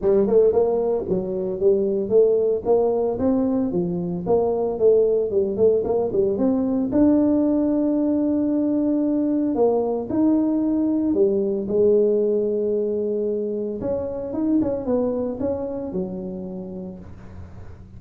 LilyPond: \new Staff \with { instrumentName = "tuba" } { \time 4/4 \tempo 4 = 113 g8 a8 ais4 fis4 g4 | a4 ais4 c'4 f4 | ais4 a4 g8 a8 ais8 g8 | c'4 d'2.~ |
d'2 ais4 dis'4~ | dis'4 g4 gis2~ | gis2 cis'4 dis'8 cis'8 | b4 cis'4 fis2 | }